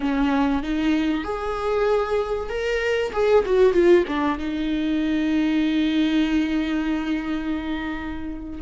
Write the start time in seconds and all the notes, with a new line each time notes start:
0.00 C#4
0.62 D#4
1.24 G#4
2.49 A#4
3.12 G#4
3.45 F#4
3.73 F4
4.07 D4
4.38 D#4